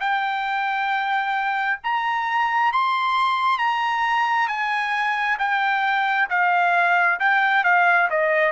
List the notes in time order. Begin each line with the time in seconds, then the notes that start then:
0.00 G5
1.84 A#5
2.72 C6
3.59 A#5
4.48 G#5
5.39 G5
6.30 F5
7.19 G5
7.64 F5
8.10 D#5